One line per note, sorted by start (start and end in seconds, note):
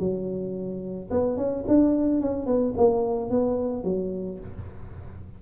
0.00 1.10 F#3
1.11 1.38 B3
1.38 1.65 C#4
1.68 2.22 D4
2.22 2.47 C#4
2.47 2.74 B3
2.78 3.31 A#3
3.31 3.84 B3
3.84 4.39 F#3